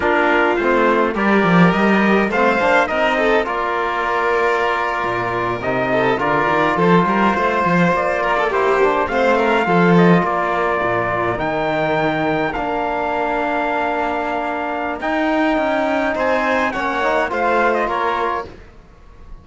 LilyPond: <<
  \new Staff \with { instrumentName = "trumpet" } { \time 4/4 \tempo 4 = 104 ais'4 c''4 d''4 dis''4 | f''4 dis''4 d''2~ | d''4.~ d''16 dis''4 d''4 c''16~ | c''4.~ c''16 d''4 c''4 f''16~ |
f''4~ f''16 dis''8 d''2 g''16~ | g''4.~ g''16 f''2~ f''16~ | f''2 g''2 | gis''4 fis''4 f''8. dis''16 cis''4 | }
  \new Staff \with { instrumentName = "violin" } { \time 4/4 f'2 ais'2 | c''4 ais'8 a'8 ais'2~ | ais'2~ ais'16 a'8 ais'4 a'16~ | a'16 ais'8 c''4. ais'16 a'16 g'4 c''16~ |
c''16 ais'8 a'4 ais'2~ ais'16~ | ais'1~ | ais'1 | c''4 cis''4 c''4 ais'4 | }
  \new Staff \with { instrumentName = "trombone" } { \time 4/4 d'4 c'4 g'2 | c'8 d'8 dis'4 f'2~ | f'4.~ f'16 dis'4 f'4~ f'16~ | f'2~ f'8. e'8 d'8 c'16~ |
c'8. f'2. dis'16~ | dis'4.~ dis'16 d'2~ d'16~ | d'2 dis'2~ | dis'4 cis'8 dis'8 f'2 | }
  \new Staff \with { instrumentName = "cello" } { \time 4/4 ais4 a4 g8 f8 g4 | a8 ais8 c'4 ais2~ | ais8. ais,4 c4 d8 dis8 f16~ | f16 g8 a8 f8 ais2 a16~ |
a8. f4 ais4 ais,4 dis16~ | dis4.~ dis16 ais2~ ais16~ | ais2 dis'4 cis'4 | c'4 ais4 a4 ais4 | }
>>